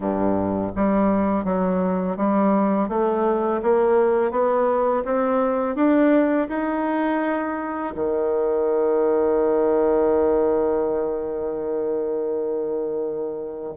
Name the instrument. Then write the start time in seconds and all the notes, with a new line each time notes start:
bassoon
0.00 G2
0.75 G3
1.44 F#3
2.17 G3
2.88 A3
3.62 A#3
4.31 B3
5.04 C4
5.75 D4
6.49 D#4
7.95 D#3